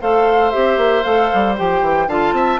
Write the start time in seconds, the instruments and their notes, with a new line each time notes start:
0.00 bassoon A3, clarinet A4, oboe C5, flute F5
0.51 bassoon C4, clarinet G4, flute E5
0.77 bassoon A#3
1.02 bassoon A3, clarinet A4, flute F5
1.33 bassoon G3
1.56 bassoon F3, clarinet G4, flute G5
1.81 bassoon E3
2.07 bassoon D3, clarinet F4, oboe F5, flute A5
2.32 bassoon C4, oboe E5